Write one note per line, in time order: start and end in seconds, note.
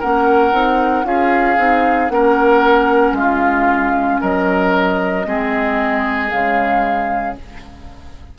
0.00 0.53 A#3
0.00 0.52 C#4
0.00 1.05 A#4
0.00 1.06 F#5
0.52 1.05 C4
0.52 1.04 D#4
1.04 1.57 C#4
1.04 1.57 F4
1.04 2.13 G#4
1.04 2.09 F5
1.57 2.10 C4
1.57 2.10 D#4
2.09 3.12 A#3
2.09 5.25 C#4
2.09 3.17 A#4
2.09 3.15 F#5
3.12 4.18 G#3
3.12 4.21 F4
3.12 4.21 F5
4.21 5.26 F#3
4.21 5.26 A#4
4.21 6.30 D#5
5.25 6.32 G#3
5.25 6.30 C4
5.25 7.39 G#4
6.30 7.37 C#3
6.30 7.36 G#3
6.30 7.35 F5